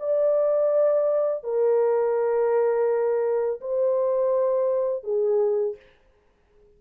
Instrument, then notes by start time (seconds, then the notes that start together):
horn
0.00 D5
1.44 A#4
3.61 C5
5.04 G#4